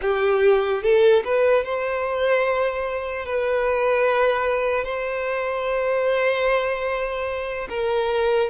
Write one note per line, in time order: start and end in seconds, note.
0.01 0.83 G4
0.83 1.23 A4
1.24 1.64 B4
1.64 3.25 C5
3.25 4.84 B4
4.84 7.68 C5
7.69 8.50 A#4